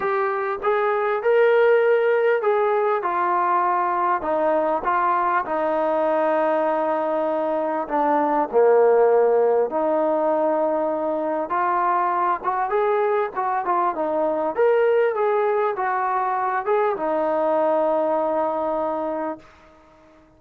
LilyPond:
\new Staff \with { instrumentName = "trombone" } { \time 4/4 \tempo 4 = 99 g'4 gis'4 ais'2 | gis'4 f'2 dis'4 | f'4 dis'2.~ | dis'4 d'4 ais2 |
dis'2. f'4~ | f'8 fis'8 gis'4 fis'8 f'8 dis'4 | ais'4 gis'4 fis'4. gis'8 | dis'1 | }